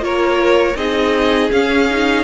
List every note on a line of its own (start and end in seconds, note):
0.00 0.75 A#3
0.00 0.74 F4
0.00 0.77 A#4
0.00 0.77 C#5
0.76 1.50 C4
0.76 1.51 D#4
0.76 2.24 G#4
0.76 1.51 D#5
1.51 1.88 C#4
1.51 2.24 C#4
1.51 2.24 F5
1.90 2.24 D#4